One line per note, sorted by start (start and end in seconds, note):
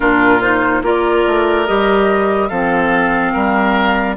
0.00 0.82 A#2
0.00 0.39 D4
0.00 0.82 F4
0.00 0.41 A#4
0.41 0.83 D#4
0.41 0.82 C5
0.82 1.24 A#3
0.82 1.66 F4
0.82 2.49 A#4
0.82 1.66 D5
1.26 1.68 A3
1.66 2.50 G3
1.66 2.50 G4
1.66 2.48 D#5
2.48 3.34 F3
2.48 4.16 C4
2.48 3.32 A4
2.48 4.15 F5
3.32 4.16 G3
3.32 4.16 A#4